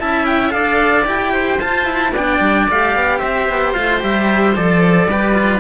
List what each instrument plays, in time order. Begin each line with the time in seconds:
0.00 cello C#4 E4, oboe E5, trumpet A5
0.26 trumpet G5
0.50 cello D4 A4, oboe D5, trumpet F5
1.05 cello E4 G4, trumpet G5
1.33 oboe C5
1.59 cello F4, trumpet A5
1.85 cello E4
2.12 cello B3 D4, oboe D5, trumpet G5
2.40 cello G3
2.70 cello A3 G4, trumpet F5
2.95 cello B3
3.18 cello C4, oboe C5, trumpet E5
3.49 cello B3
3.73 cello A3 F4, trumpet F5
4.00 cello G3 G4, trumpet E5
4.55 cello F3 A4, trumpet D5
5.07 cello G3 G4, oboe B4
5.34 cello F4